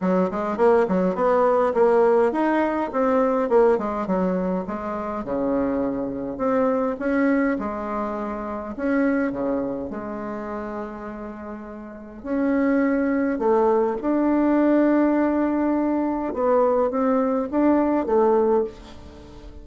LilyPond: \new Staff \with { instrumentName = "bassoon" } { \time 4/4 \tempo 4 = 103 fis8 gis8 ais8 fis8 b4 ais4 | dis'4 c'4 ais8 gis8 fis4 | gis4 cis2 c'4 | cis'4 gis2 cis'4 |
cis4 gis2.~ | gis4 cis'2 a4 | d'1 | b4 c'4 d'4 a4 | }